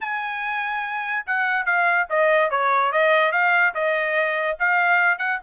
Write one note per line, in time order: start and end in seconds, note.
0.00 1.25 G#5
1.26 1.65 F#5
1.65 2.07 F5
2.09 2.50 D#5
2.50 2.91 C#5
2.91 3.32 D#5
3.32 3.73 F5
3.74 4.57 D#5
4.59 5.18 F5
5.18 5.39 F#5